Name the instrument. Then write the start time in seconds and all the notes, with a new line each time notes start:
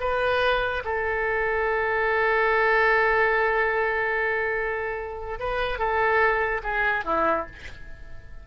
oboe
0.00 B4
0.84 A4
5.39 B4
5.78 A4
6.63 G#4
7.05 E4